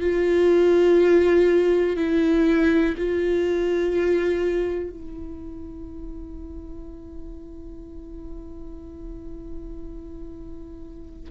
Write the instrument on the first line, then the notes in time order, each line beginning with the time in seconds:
viola
0.00 F4
1.96 E4
2.97 F4
4.90 E4